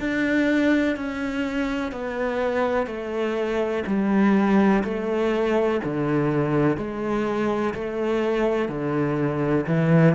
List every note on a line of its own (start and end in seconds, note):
0.00 0.97 D4
0.97 1.93 C#4
1.93 2.87 B3
2.87 3.84 A3
3.87 4.84 G3
4.84 5.81 A3
5.85 6.77 D3
6.77 7.74 G#3
7.75 8.69 A3
8.69 9.66 D3
9.68 10.16 E3